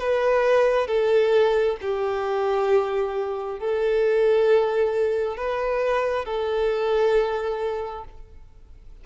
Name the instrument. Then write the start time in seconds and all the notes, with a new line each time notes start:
violin
0.00 B4
0.88 A4
1.82 G4
3.59 A4
5.37 B4
6.25 A4